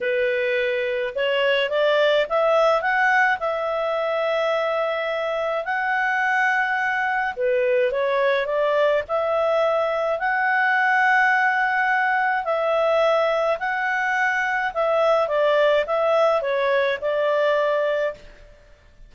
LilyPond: \new Staff \with { instrumentName = "clarinet" } { \time 4/4 \tempo 4 = 106 b'2 cis''4 d''4 | e''4 fis''4 e''2~ | e''2 fis''2~ | fis''4 b'4 cis''4 d''4 |
e''2 fis''2~ | fis''2 e''2 | fis''2 e''4 d''4 | e''4 cis''4 d''2 | }